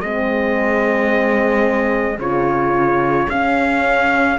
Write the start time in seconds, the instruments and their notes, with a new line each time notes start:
0.00 cello G#3, horn C4, flute G#4, trumpet D#5
2.18 cello C#3, horn F4, trumpet C#5
3.29 cello C#4, horn C#4, trumpet F5